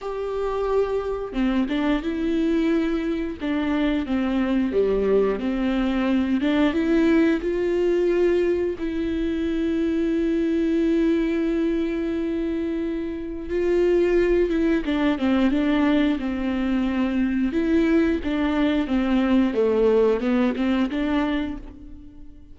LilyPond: \new Staff \with { instrumentName = "viola" } { \time 4/4 \tempo 4 = 89 g'2 c'8 d'8 e'4~ | e'4 d'4 c'4 g4 | c'4. d'8 e'4 f'4~ | f'4 e'2.~ |
e'1 | f'4. e'8 d'8 c'8 d'4 | c'2 e'4 d'4 | c'4 a4 b8 c'8 d'4 | }